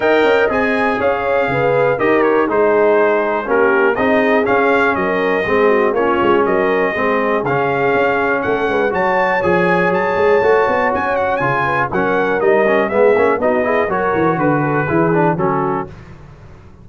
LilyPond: <<
  \new Staff \with { instrumentName = "trumpet" } { \time 4/4 \tempo 4 = 121 g''4 gis''4 f''2 | dis''8 cis''8 c''2 ais'4 | dis''4 f''4 dis''2 | cis''4 dis''2 f''4~ |
f''4 fis''4 a''4 gis''4 | a''2 gis''8 fis''8 gis''4 | fis''4 dis''4 e''4 dis''4 | cis''4 b'2 a'4 | }
  \new Staff \with { instrumentName = "horn" } { \time 4/4 dis''2 cis''4 b'4 | ais'4 gis'2 g'4 | gis'2 ais'4 gis'8 fis'8 | f'4 ais'4 gis'2~ |
gis'4 a'8 b'8 cis''2~ | cis''2.~ cis''8 b'8 | ais'2 gis'4 fis'8 gis'8 | ais'4 b'8 a'8 gis'4 fis'4 | }
  \new Staff \with { instrumentName = "trombone" } { \time 4/4 ais'4 gis'2. | g'4 dis'2 cis'4 | dis'4 cis'2 c'4 | cis'2 c'4 cis'4~ |
cis'2 fis'4 gis'4~ | gis'4 fis'2 f'4 | cis'4 dis'8 cis'8 b8 cis'8 dis'8 e'8 | fis'2 e'8 d'8 cis'4 | }
  \new Staff \with { instrumentName = "tuba" } { \time 4/4 dis'8 cis'8 c'4 cis'4 cis4 | dis'4 gis2 ais4 | c'4 cis'4 fis4 gis4 | ais8 gis8 fis4 gis4 cis4 |
cis'4 a8 gis8 fis4 f4 | fis8 gis8 a8 b8 cis'4 cis4 | fis4 g4 gis8 ais8 b4 | fis8 e8 d4 e4 fis4 | }
>>